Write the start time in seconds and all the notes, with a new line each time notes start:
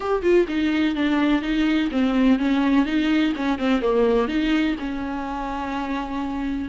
0.00 G4
0.22 F4
0.48 D#4
0.95 D4
1.42 D#4
1.91 C4
2.38 C#4
2.85 D#4
3.35 C#4
3.58 C4
3.81 A#3
4.28 D#4
4.79 C#4